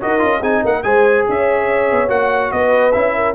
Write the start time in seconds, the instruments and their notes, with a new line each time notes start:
0.00 tuba D#4, trombone F#4, horn A#4, trumpet D#5
0.18 tuba C#4, trombone F4
0.40 tuba C4, trombone D#4, horn G#4, trumpet G#5
0.64 tuba A#3, horn A#4, trumpet F#5
0.82 tuba G#3, trombone G#4, horn C5, trumpet G#5
1.29 tuba C#4, horn C#5, trumpet E5
1.91 tuba B3
2.08 tuba A#3, trombone F#4, trumpet F#5
2.51 tuba B3, horn B4, trumpet D#5
2.92 tuba C#4, trombone E4, trumpet E5
3.15 horn A#4